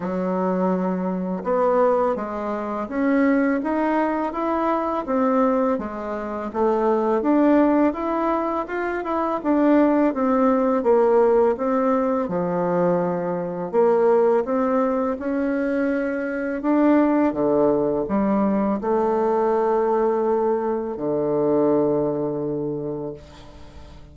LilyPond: \new Staff \with { instrumentName = "bassoon" } { \time 4/4 \tempo 4 = 83 fis2 b4 gis4 | cis'4 dis'4 e'4 c'4 | gis4 a4 d'4 e'4 | f'8 e'8 d'4 c'4 ais4 |
c'4 f2 ais4 | c'4 cis'2 d'4 | d4 g4 a2~ | a4 d2. | }